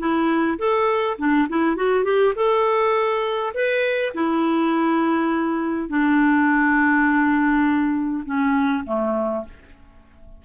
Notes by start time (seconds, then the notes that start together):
0.00 E4
0.59 A4
1.19 D4
1.49 E4
1.76 F#4
2.05 G4
2.36 A4
3.55 B4
4.15 E4
5.89 D4
8.26 C#4
8.86 A3